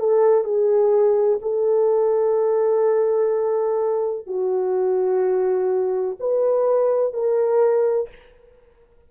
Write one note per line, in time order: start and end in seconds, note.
0.00 0.45 A4
0.45 1.40 G#4
1.42 4.27 A4
4.27 6.18 F#4
6.20 7.14 B4
7.14 8.10 A#4